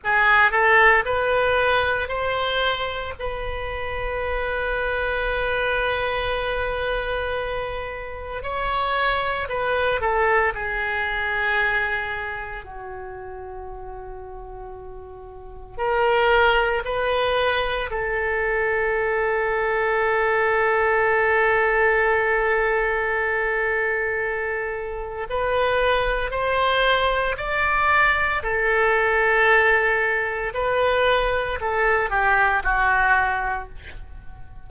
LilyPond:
\new Staff \with { instrumentName = "oboe" } { \time 4/4 \tempo 4 = 57 gis'8 a'8 b'4 c''4 b'4~ | b'1 | cis''4 b'8 a'8 gis'2 | fis'2. ais'4 |
b'4 a'2.~ | a'1 | b'4 c''4 d''4 a'4~ | a'4 b'4 a'8 g'8 fis'4 | }